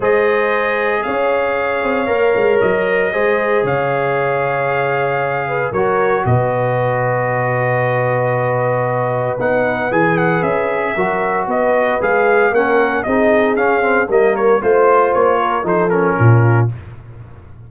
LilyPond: <<
  \new Staff \with { instrumentName = "trumpet" } { \time 4/4 \tempo 4 = 115 dis''2 f''2~ | f''4 dis''2 f''4~ | f''2. cis''4 | dis''1~ |
dis''2 fis''4 gis''8 fis''8 | e''2 dis''4 f''4 | fis''4 dis''4 f''4 dis''8 cis''8 | c''4 cis''4 c''8 ais'4. | }
  \new Staff \with { instrumentName = "horn" } { \time 4/4 c''2 cis''2~ | cis''2 c''4 cis''4~ | cis''2~ cis''8 b'8 ais'4 | b'1~ |
b'1~ | b'4 ais'4 b'2 | ais'4 gis'2 ais'4 | c''4. ais'8 a'4 f'4 | }
  \new Staff \with { instrumentName = "trombone" } { \time 4/4 gis'1 | ais'2 gis'2~ | gis'2. fis'4~ | fis'1~ |
fis'2 dis'4 gis'4~ | gis'4 fis'2 gis'4 | cis'4 dis'4 cis'8 c'8 ais4 | f'2 dis'8 cis'4. | }
  \new Staff \with { instrumentName = "tuba" } { \time 4/4 gis2 cis'4. c'8 | ais8 gis8 fis4 gis4 cis4~ | cis2. fis4 | b,1~ |
b,2 b4 e4 | cis'4 fis4 b4 gis4 | ais4 c'4 cis'4 g4 | a4 ais4 f4 ais,4 | }
>>